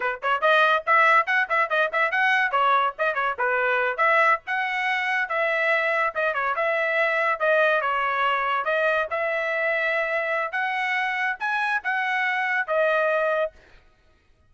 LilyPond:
\new Staff \with { instrumentName = "trumpet" } { \time 4/4 \tempo 4 = 142 b'8 cis''8 dis''4 e''4 fis''8 e''8 | dis''8 e''8 fis''4 cis''4 dis''8 cis''8 | b'4. e''4 fis''4.~ | fis''8 e''2 dis''8 cis''8 e''8~ |
e''4. dis''4 cis''4.~ | cis''8 dis''4 e''2~ e''8~ | e''4 fis''2 gis''4 | fis''2 dis''2 | }